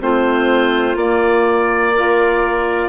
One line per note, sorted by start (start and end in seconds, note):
0.00 0.95 A3
0.00 0.97 C4
0.00 1.93 F4
0.00 0.98 C5
0.95 2.89 A#3
0.95 1.94 A#3
0.95 2.89 D5
1.93 2.89 F4
1.93 2.89 A#4